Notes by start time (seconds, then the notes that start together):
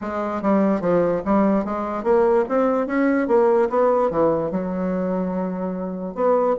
0.01 G#3
0.42 G3
0.80 F3
1.25 G3
1.64 G#3
2.03 A#3
2.48 C4
2.87 C#4
3.27 A#3
3.69 B3
4.10 E3
4.51 F#3
6.14 B3